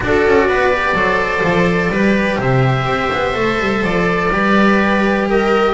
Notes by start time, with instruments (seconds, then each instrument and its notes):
0.00 double bass D4, cello F#4, viola A4, oboe D5
0.26 double bass C#4
0.48 double bass B3, viola B4
0.72 cello G4
0.93 double bass F#3, cello A4, viola C5
1.43 double bass F3
1.89 double bass G3, cello G4, viola B4
2.38 double bass C3, viola C5, oboe E5
2.85 double bass C4
3.12 double bass B3
3.34 double bass A3, cello A4
3.60 double bass G3
3.84 double bass F3, oboe D5
4.29 double bass G3, cello G4, viola B4
5.29 viola A#4, oboe D#5